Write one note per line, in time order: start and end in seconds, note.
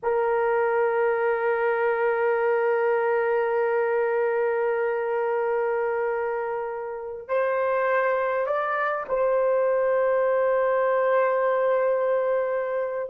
0.02 7.27 A#4
7.27 8.46 C5
8.46 9.05 D5
9.08 13.09 C5